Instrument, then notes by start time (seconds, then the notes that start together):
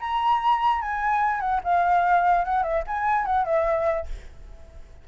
flute
0.00 A#5
0.82 G#5
1.41 F#5
1.64 F5
2.45 F#5
2.63 E5
2.88 G#5
3.26 F#5
3.45 E5